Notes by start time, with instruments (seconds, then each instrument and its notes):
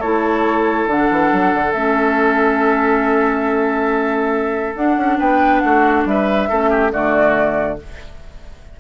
0.00 bassoon A3, clarinet E4, oboe A4, flute C#5
0.87 bassoon D3, clarinet D4, flute F#5
1.12 bassoon E3
1.33 bassoon F#3
1.54 bassoon D3
1.73 bassoon A3, clarinet C#4, flute E5
4.75 bassoon D4, clarinet D4, flute F#5
4.97 bassoon C#4
5.19 bassoon B3, oboe B4, flute G5
5.60 bassoon A3, oboe F#4, flute F#5
6.05 bassoon G3, oboe B4, flute E5
6.50 bassoon A3, clarinet C#4, oboe A4
6.70 oboe G4
6.91 bassoon D3, clarinet A3, oboe F#4, flute D5